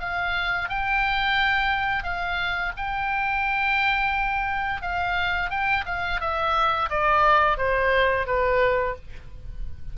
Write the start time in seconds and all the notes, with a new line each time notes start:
0.00 F5
0.69 G5
2.03 F5
2.77 G5
4.82 F5
5.50 G5
5.86 F5
6.21 E5
6.90 D5
7.58 C5
8.27 B4